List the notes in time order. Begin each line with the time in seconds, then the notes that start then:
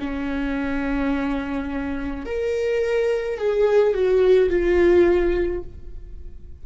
0.00 C#4
2.26 A#4
3.38 G#4
3.95 F#4
4.50 F4